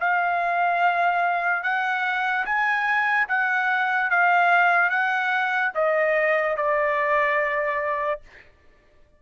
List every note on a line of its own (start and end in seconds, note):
0.00 1.63 F5
1.63 2.45 F#5
2.45 3.28 G#5
3.28 4.10 F#5
4.10 4.90 F5
4.90 5.72 F#5
5.75 6.57 D#5
6.57 8.21 D5